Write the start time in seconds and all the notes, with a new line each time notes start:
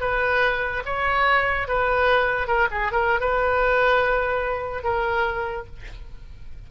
0.00 B4
0.85 C#5
1.68 B4
2.48 A#4
2.71 G#4
2.92 A#4
3.20 B4
4.84 A#4